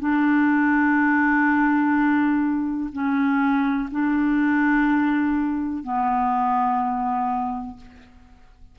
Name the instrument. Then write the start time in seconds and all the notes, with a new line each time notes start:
clarinet
0.00 D4
2.93 C#4
3.91 D4
5.83 B3